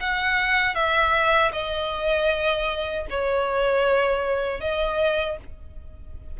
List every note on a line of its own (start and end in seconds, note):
0.00 0.74 F#5
0.74 1.51 E5
1.52 3.06 D#5
3.10 4.60 C#5
4.60 5.37 D#5